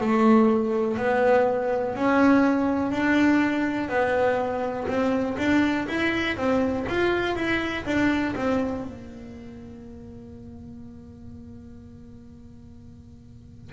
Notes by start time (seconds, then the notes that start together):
0.00 A3
0.97 B3
1.95 C#4
2.91 D4
3.89 B3
4.87 C4
5.37 D4
5.87 E4
6.37 C4
6.89 F4
7.35 E4
7.85 D4
8.35 C4
8.83 A#3